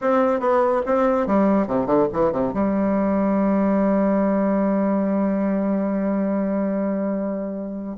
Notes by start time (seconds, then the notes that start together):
0.01 C4
0.40 B3
0.86 C4
1.26 G3
1.67 C3
1.86 D3
2.12 E3
2.32 C3
2.53 G3